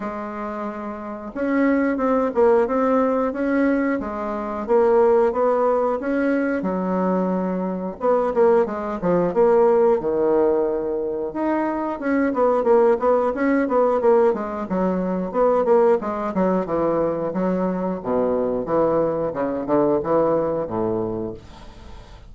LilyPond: \new Staff \with { instrumentName = "bassoon" } { \time 4/4 \tempo 4 = 90 gis2 cis'4 c'8 ais8 | c'4 cis'4 gis4 ais4 | b4 cis'4 fis2 | b8 ais8 gis8 f8 ais4 dis4~ |
dis4 dis'4 cis'8 b8 ais8 b8 | cis'8 b8 ais8 gis8 fis4 b8 ais8 | gis8 fis8 e4 fis4 b,4 | e4 cis8 d8 e4 a,4 | }